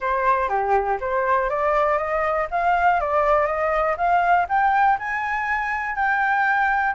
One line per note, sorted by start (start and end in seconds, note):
0.00 0.48 C5
0.48 0.98 G4
1.00 1.49 C5
1.49 1.98 D5
1.98 2.47 D#5
2.50 3.00 F5
3.00 3.46 D5
3.46 3.96 D#5
3.97 4.46 F5
4.48 4.98 G5
4.98 5.95 G#5
5.95 6.94 G5